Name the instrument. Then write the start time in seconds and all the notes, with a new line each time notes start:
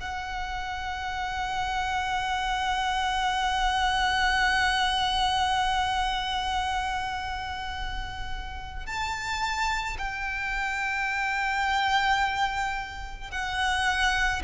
violin
0.00 F#5
8.86 A5
9.98 G5
13.31 F#5